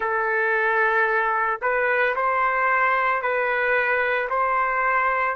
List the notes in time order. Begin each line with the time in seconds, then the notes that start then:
0.00 A4
1.61 B4
2.15 C5
3.21 B4
4.29 C5